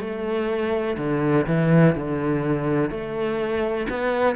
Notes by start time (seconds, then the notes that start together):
0.00 A3
0.98 D3
1.47 E3
1.95 D3
2.90 A3
3.90 B3